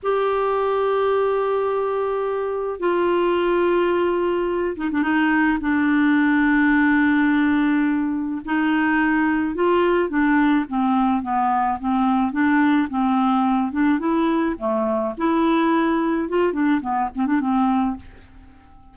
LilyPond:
\new Staff \with { instrumentName = "clarinet" } { \time 4/4 \tempo 4 = 107 g'1~ | g'4 f'2.~ | f'8 dis'16 d'16 dis'4 d'2~ | d'2. dis'4~ |
dis'4 f'4 d'4 c'4 | b4 c'4 d'4 c'4~ | c'8 d'8 e'4 a4 e'4~ | e'4 f'8 d'8 b8 c'16 d'16 c'4 | }